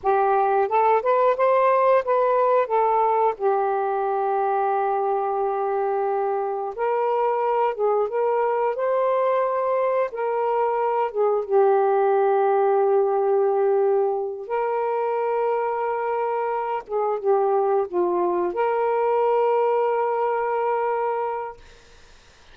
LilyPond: \new Staff \with { instrumentName = "saxophone" } { \time 4/4 \tempo 4 = 89 g'4 a'8 b'8 c''4 b'4 | a'4 g'2.~ | g'2 ais'4. gis'8 | ais'4 c''2 ais'4~ |
ais'8 gis'8 g'2.~ | g'4. ais'2~ ais'8~ | ais'4 gis'8 g'4 f'4 ais'8~ | ais'1 | }